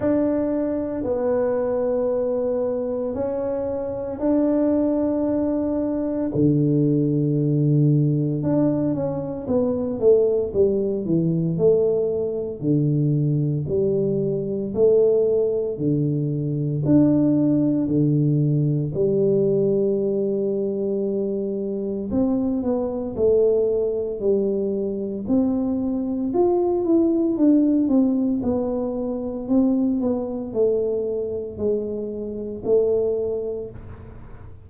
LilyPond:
\new Staff \with { instrumentName = "tuba" } { \time 4/4 \tempo 4 = 57 d'4 b2 cis'4 | d'2 d2 | d'8 cis'8 b8 a8 g8 e8 a4 | d4 g4 a4 d4 |
d'4 d4 g2~ | g4 c'8 b8 a4 g4 | c'4 f'8 e'8 d'8 c'8 b4 | c'8 b8 a4 gis4 a4 | }